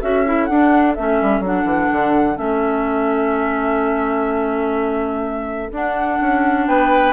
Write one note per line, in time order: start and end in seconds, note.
0.00 0.50 C#4
0.00 0.26 F#4
0.00 6.67 A4
0.00 0.46 E5
0.26 0.49 E4
0.46 0.97 D4
0.46 0.98 D4
0.46 0.93 F#5
0.95 1.22 A3
0.95 1.45 C#4
0.95 1.43 E5
1.22 1.41 G3
1.41 1.64 F#3
1.41 2.36 D4
1.41 2.38 F#5
1.65 1.88 E3
1.93 2.38 D3
2.36 5.71 A3
2.36 5.69 C#4
2.36 5.71 E5
5.72 6.19 D4
5.72 7.14 D4
5.72 6.68 F#5
6.22 6.68 C#4
6.68 7.14 B3
6.68 7.14 B4
6.68 7.14 G5